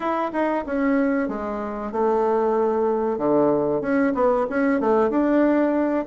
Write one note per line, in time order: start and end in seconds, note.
0.00 0.31 E4
0.32 0.64 D#4
0.66 1.28 C#4
1.28 1.91 G#3
1.91 3.17 A3
3.17 3.81 D3
3.81 4.13 C#4
4.14 4.46 B3
4.49 4.80 C#4
4.80 5.09 A3
5.09 6.05 D4